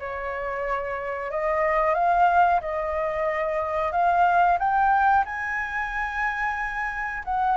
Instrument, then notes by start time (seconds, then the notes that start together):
flute
0.00 C#5
1.31 D#5
1.95 F5
2.61 D#5
3.92 F5
4.59 G5
5.26 G#5
7.25 F#5